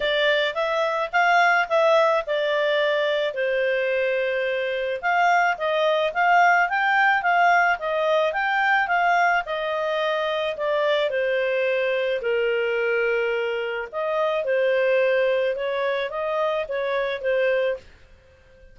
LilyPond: \new Staff \with { instrumentName = "clarinet" } { \time 4/4 \tempo 4 = 108 d''4 e''4 f''4 e''4 | d''2 c''2~ | c''4 f''4 dis''4 f''4 | g''4 f''4 dis''4 g''4 |
f''4 dis''2 d''4 | c''2 ais'2~ | ais'4 dis''4 c''2 | cis''4 dis''4 cis''4 c''4 | }